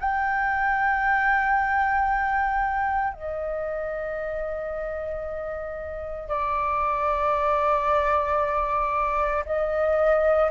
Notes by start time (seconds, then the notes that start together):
0.00 G5
3.14 D#5
6.29 D5
9.45 D#5